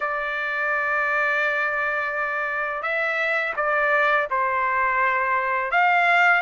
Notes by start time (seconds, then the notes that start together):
0.00 D5
2.82 E5
3.56 D5
4.30 C5
5.71 F5